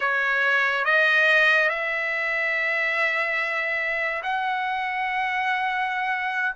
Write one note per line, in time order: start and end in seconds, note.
0.00 0.85 C#5
0.85 1.69 D#5
1.69 4.22 E5
4.23 6.55 F#5